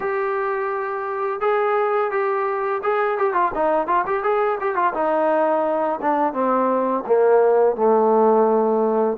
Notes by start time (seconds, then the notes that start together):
0.00 G4
1.40 G#4
2.11 G4
2.82 G#4
3.18 G4
3.33 F4
3.54 D#4
3.87 F4
4.06 G4
4.23 G#4
4.60 G4
4.75 F4
4.93 D#4
6.01 D4
6.33 C4
7.06 A#3
7.76 A3